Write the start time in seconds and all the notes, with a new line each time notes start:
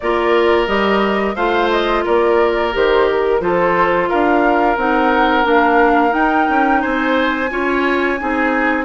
0.00 A#3 F4 A#4 D5
0.67 G3 G4 D#5
1.35 A3 F4 C5 F5
1.70 D#5
2.04 A#3 A#4 D5
2.72 D#3 G4 C5
3.10 A#4
3.40 F3 F4 A4 C5
4.09 D4 A#4 F5
4.76 C4 D#4 F#5
5.43 A#3 D4 F5
6.10 D#4 G5
6.49 C#4
6.81 C4 C5 G#5
7.50 C#4 F4 C#5
8.18 C4 D#4 G#4